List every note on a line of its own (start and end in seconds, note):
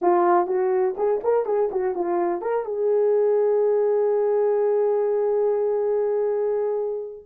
0.01 0.46 F4
0.46 0.95 F#4
0.97 1.21 G#4
1.23 1.45 A#4
1.45 1.69 G#4
1.71 1.95 F#4
1.95 2.41 F4
2.41 2.65 A#4
2.65 7.24 G#4